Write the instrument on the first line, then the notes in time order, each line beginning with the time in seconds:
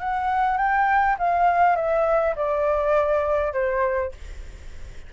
flute
0.00 F#5
0.57 G5
1.19 F5
1.76 E5
2.36 D5
3.53 C5